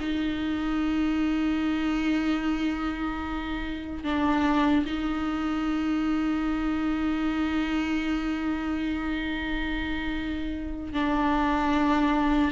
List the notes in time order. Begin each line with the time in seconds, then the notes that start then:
0.00 D#4
4.04 D4
4.86 D#4
10.93 D4